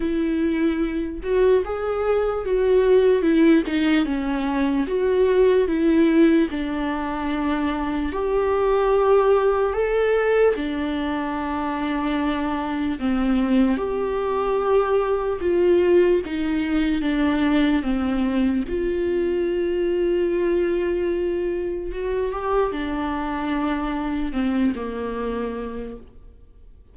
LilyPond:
\new Staff \with { instrumentName = "viola" } { \time 4/4 \tempo 4 = 74 e'4. fis'8 gis'4 fis'4 | e'8 dis'8 cis'4 fis'4 e'4 | d'2 g'2 | a'4 d'2. |
c'4 g'2 f'4 | dis'4 d'4 c'4 f'4~ | f'2. fis'8 g'8 | d'2 c'8 ais4. | }